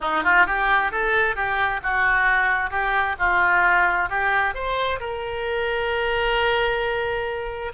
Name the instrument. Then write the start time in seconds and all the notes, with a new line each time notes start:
oboe
0.00 D#4
0.23 F4
0.46 G4
0.91 A4
1.35 G4
1.82 F#4
2.70 G4
3.18 F4
4.09 G4
4.54 C5
4.99 A#4